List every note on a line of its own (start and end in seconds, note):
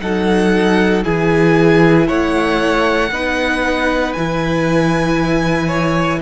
0.00 1.04 F#3
0.00 1.04 D#4
0.00 1.05 A4
0.00 1.03 F#5
1.04 2.09 E3
1.04 3.11 E4
1.04 2.07 G#4
1.04 2.08 G#5
2.07 3.10 A3
2.07 3.11 C#5
2.07 4.13 F#5
3.10 4.14 B3
3.10 4.16 D#4
3.10 5.67 B4
4.13 6.22 E3
4.13 6.22 E4
4.13 6.20 G#5
5.67 6.19 C#5